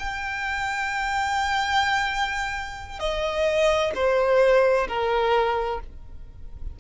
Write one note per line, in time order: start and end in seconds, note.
0.00 3.00 G5
3.00 3.92 D#5
3.95 4.88 C5
4.88 5.80 A#4